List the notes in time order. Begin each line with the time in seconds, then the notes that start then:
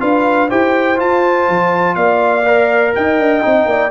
0.00 D4 F4 B4 F5
0.49 E4 G4 C5 G5
0.96 F4 A5
1.48 F3
1.95 A#3 D5 F5
2.45 A#4
2.95 D#4 D#5 G5
3.18 D4
3.41 C4 D#4
3.66 A#3 D5